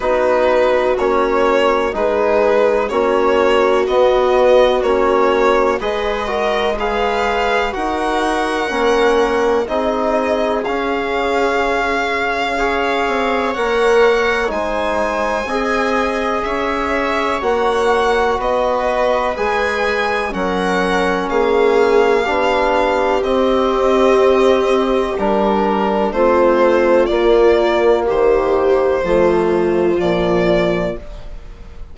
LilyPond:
<<
  \new Staff \with { instrumentName = "violin" } { \time 4/4 \tempo 4 = 62 b'4 cis''4 b'4 cis''4 | dis''4 cis''4 dis''4 f''4 | fis''2 dis''4 f''4~ | f''2 fis''4 gis''4~ |
gis''4 e''4 fis''4 dis''4 | gis''4 fis''4 f''2 | dis''2 ais'4 c''4 | d''4 c''2 d''4 | }
  \new Staff \with { instrumentName = "viola" } { \time 4/4 fis'2 gis'4 fis'4~ | fis'2 b'8 ais'8 b'4 | ais'2 gis'2~ | gis'4 cis''2 c''4 |
dis''4 cis''2 b'4~ | b'4 ais'4 gis'4 g'4~ | g'2. f'4~ | f'4 g'4 f'2 | }
  \new Staff \with { instrumentName = "trombone" } { \time 4/4 dis'4 cis'4 dis'4 cis'4 | b4 cis'4 gis'8 fis'8 gis'4 | fis'4 cis'4 dis'4 cis'4~ | cis'4 gis'4 ais'4 dis'4 |
gis'2 fis'2 | gis'4 cis'2 d'4 | c'2 d'4 c'4 | ais2 a4 f4 | }
  \new Staff \with { instrumentName = "bassoon" } { \time 4/4 b4 ais4 gis4 ais4 | b4 ais4 gis2 | dis'4 ais4 c'4 cis'4~ | cis'4. c'8 ais4 gis4 |
c'4 cis'4 ais4 b4 | gis4 fis4 ais4 b4 | c'2 g4 a4 | ais4 dis4 f4 ais,4 | }
>>